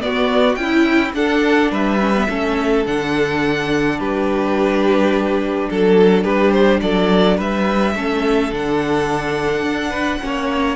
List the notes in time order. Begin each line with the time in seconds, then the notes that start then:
0.00 B3 F#4 D5
0.55 C#4 E4 G5
0.61 E4
1.13 D4 A4 F#5
1.70 G3 B4 E5
1.99 C#4
2.16 B3
2.29 A3 C#4 A4
2.85 D3 D4 F#5
3.98 G3 G4 B4
5.70 F#3 A4
6.23 G3 G4 B4
6.51 C5
6.81 F#3 A4 D5
7.37 G3 B4 E5
7.94 A3 C#4 A4
8.51 D3 D4 F#5
9.61 D4
9.90 B4
10.20 A#3 C#4 C#5